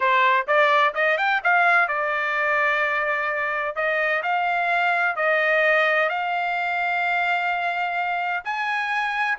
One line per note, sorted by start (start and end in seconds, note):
0.00 0.46 C5
0.47 0.94 D5
0.94 1.17 D#5
1.17 1.41 G5
1.43 1.87 F5
1.87 3.75 D5
3.75 4.22 D#5
4.23 5.15 F5
5.15 6.09 D#5
6.09 8.43 F5
8.44 9.37 G#5